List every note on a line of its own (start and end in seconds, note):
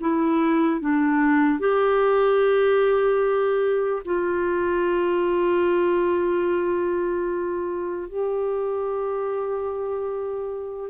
0.00 0.80 E4
0.80 1.59 D4
1.59 4.02 G4
4.05 8.08 F4
8.08 10.90 G4